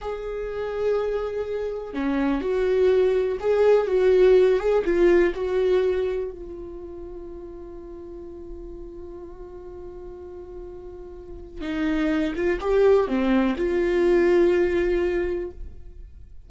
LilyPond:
\new Staff \with { instrumentName = "viola" } { \time 4/4 \tempo 4 = 124 gis'1 | cis'4 fis'2 gis'4 | fis'4. gis'8 f'4 fis'4~ | fis'4 f'2.~ |
f'1~ | f'1 | dis'4. f'8 g'4 c'4 | f'1 | }